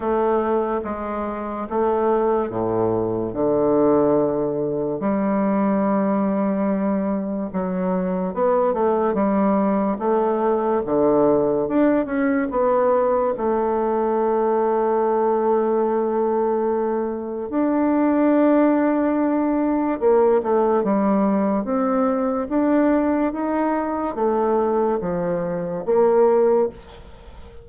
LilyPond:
\new Staff \with { instrumentName = "bassoon" } { \time 4/4 \tempo 4 = 72 a4 gis4 a4 a,4 | d2 g2~ | g4 fis4 b8 a8 g4 | a4 d4 d'8 cis'8 b4 |
a1~ | a4 d'2. | ais8 a8 g4 c'4 d'4 | dis'4 a4 f4 ais4 | }